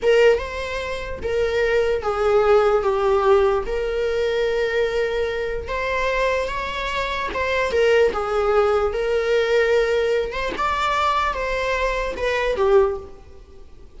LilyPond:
\new Staff \with { instrumentName = "viola" } { \time 4/4 \tempo 4 = 148 ais'4 c''2 ais'4~ | ais'4 gis'2 g'4~ | g'4 ais'2.~ | ais'2 c''2 |
cis''2 c''4 ais'4 | gis'2 ais'2~ | ais'4. c''8 d''2 | c''2 b'4 g'4 | }